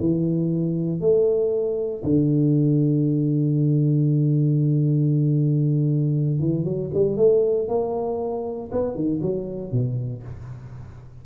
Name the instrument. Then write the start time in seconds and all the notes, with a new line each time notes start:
tuba
0.00 E3
1.01 A3
2.04 D3
6.40 E3
6.64 F#3
6.94 G3
7.17 A3
7.68 A#3
8.72 B3
8.95 D#3
9.22 F#3
9.72 B2